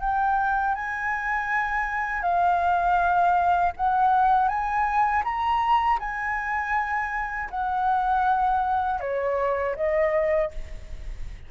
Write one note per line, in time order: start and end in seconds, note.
0.00 0.75 G5
0.75 2.22 G#5
2.22 3.72 F5
3.77 4.48 F#5
4.48 5.23 G#5
5.24 5.99 A#5
5.99 7.49 G#5
7.50 9.00 F#5
9.00 9.75 C#5
9.76 10.51 D#5